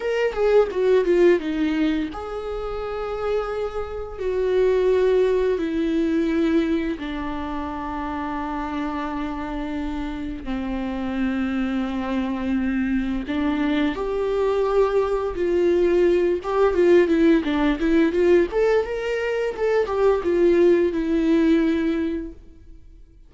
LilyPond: \new Staff \with { instrumentName = "viola" } { \time 4/4 \tempo 4 = 86 ais'8 gis'8 fis'8 f'8 dis'4 gis'4~ | gis'2 fis'2 | e'2 d'2~ | d'2. c'4~ |
c'2. d'4 | g'2 f'4. g'8 | f'8 e'8 d'8 e'8 f'8 a'8 ais'4 | a'8 g'8 f'4 e'2 | }